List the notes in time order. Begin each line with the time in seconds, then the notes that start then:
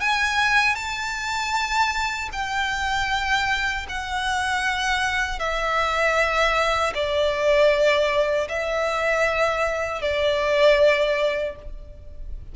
0.00 G#5
0.75 A5
2.32 G5
3.88 F#5
5.39 E5
6.94 D5
8.49 E5
10.01 D5